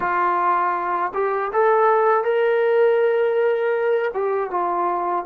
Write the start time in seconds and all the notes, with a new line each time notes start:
0.00 F4
1.14 G4
1.52 A4
2.23 A#4
4.14 G4
4.50 F4